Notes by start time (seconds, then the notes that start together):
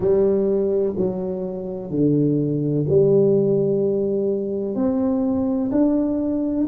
0.00 G3
0.97 F#3
1.90 D3
2.88 G3
4.74 C4
5.71 D4